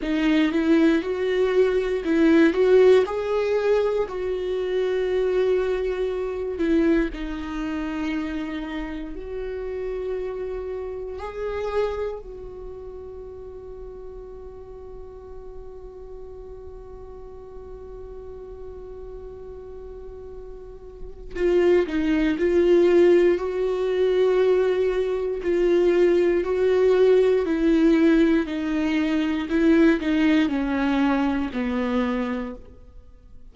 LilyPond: \new Staff \with { instrumentName = "viola" } { \time 4/4 \tempo 4 = 59 dis'8 e'8 fis'4 e'8 fis'8 gis'4 | fis'2~ fis'8 e'8 dis'4~ | dis'4 fis'2 gis'4 | fis'1~ |
fis'1~ | fis'4 f'8 dis'8 f'4 fis'4~ | fis'4 f'4 fis'4 e'4 | dis'4 e'8 dis'8 cis'4 b4 | }